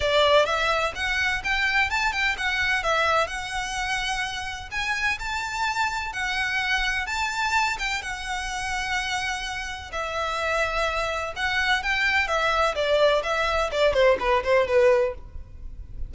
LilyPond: \new Staff \with { instrumentName = "violin" } { \time 4/4 \tempo 4 = 127 d''4 e''4 fis''4 g''4 | a''8 g''8 fis''4 e''4 fis''4~ | fis''2 gis''4 a''4~ | a''4 fis''2 a''4~ |
a''8 g''8 fis''2.~ | fis''4 e''2. | fis''4 g''4 e''4 d''4 | e''4 d''8 c''8 b'8 c''8 b'4 | }